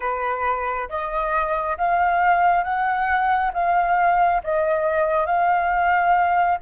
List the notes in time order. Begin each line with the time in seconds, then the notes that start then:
0.00 B4
0.89 D#5
1.77 F5
2.63 F#5
3.53 F5
4.43 D#5
5.25 F5